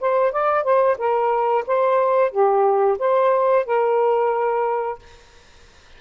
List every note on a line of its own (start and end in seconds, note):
0.00 0.32 C5
0.32 0.63 D5
0.63 0.96 C5
0.98 1.64 A#4
1.67 2.31 C5
2.31 2.98 G4
2.98 3.65 C5
3.65 4.98 A#4